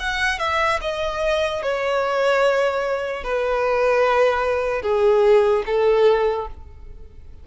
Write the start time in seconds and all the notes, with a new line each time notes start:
0.00 F#5
0.39 E5
0.81 D#5
1.63 C#5
3.24 B4
4.82 G#4
5.66 A4